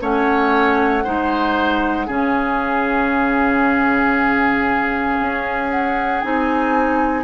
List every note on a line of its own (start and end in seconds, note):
0.00 1.04 A3
0.00 1.03 C#4
0.00 1.03 C#5
0.00 2.08 F#5
1.03 2.07 G#3
1.03 2.07 D#4
1.03 2.06 C5
2.06 5.18 C#3
2.06 6.21 C#4
2.06 7.23 G#4
2.06 5.69 F5
5.19 6.23 C#4
5.69 6.21 F#5
6.21 7.23 C4
6.21 7.23 D#4
6.21 7.23 G#5